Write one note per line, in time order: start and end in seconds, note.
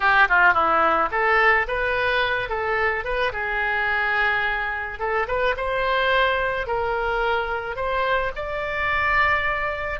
0.00 0.28 G4
0.29 0.53 F4
0.53 1.09 E4
1.11 1.66 A4
1.67 2.48 B4
2.48 3.04 A4
3.04 3.32 B4
3.32 4.99 G#4
4.99 5.27 A4
5.27 5.55 B4
5.57 6.66 C5
6.66 7.76 A#4
7.76 8.31 C5
8.35 9.99 D5